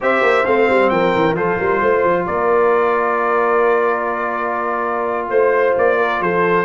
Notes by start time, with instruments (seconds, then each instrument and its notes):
0.00 tuba C4, trombone G4, horn C5, trumpet E5
0.22 tuba A#3
0.45 tuba A3, trombone C4, trumpet F5
0.69 tuba G3
0.89 tuba F3, horn A#4, trumpet G5
1.15 tuba E3
1.33 tuba F3, trombone F4, horn A4, trumpet C5
1.58 tuba G3, horn A#4
1.81 tuba A3, horn C5
2.04 tuba F3
2.26 tuba A#3, horn A#4, trumpet D5
5.29 tuba A3, trumpet C5, horn C5
5.77 tuba A#3, trumpet D5
5.97 horn A#4
6.21 tuba F3, horn A4, trumpet C5